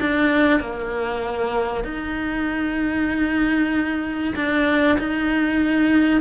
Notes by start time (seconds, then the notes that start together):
0.00 D4
0.60 A#3
1.84 D#4
4.36 D4
4.99 D#4